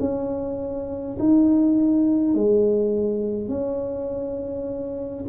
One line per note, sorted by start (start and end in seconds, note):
0.00 1.18 C#4
1.19 2.34 D#4
2.34 3.49 G#3
3.49 5.25 C#4